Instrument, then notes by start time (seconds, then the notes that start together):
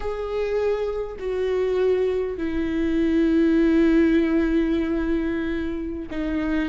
viola
0.00 G#4
1.19 F#4
2.37 E4
6.10 D#4